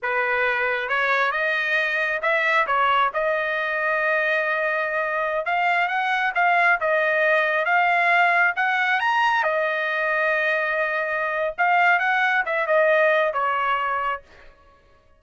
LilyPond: \new Staff \with { instrumentName = "trumpet" } { \time 4/4 \tempo 4 = 135 b'2 cis''4 dis''4~ | dis''4 e''4 cis''4 dis''4~ | dis''1~ | dis''16 f''4 fis''4 f''4 dis''8.~ |
dis''4~ dis''16 f''2 fis''8.~ | fis''16 ais''4 dis''2~ dis''8.~ | dis''2 f''4 fis''4 | e''8 dis''4. cis''2 | }